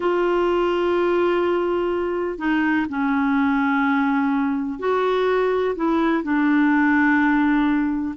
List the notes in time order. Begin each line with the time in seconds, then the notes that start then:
0.00 F4
2.38 D#4
2.89 C#4
4.79 F#4
5.75 E4
6.23 D4